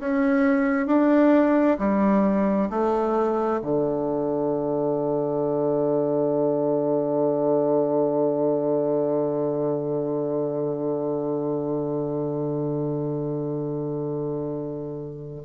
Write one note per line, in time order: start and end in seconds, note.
0.00 0.87 C#4
0.87 1.78 D4
1.79 2.70 G3
2.70 3.61 A3
3.62 15.44 D3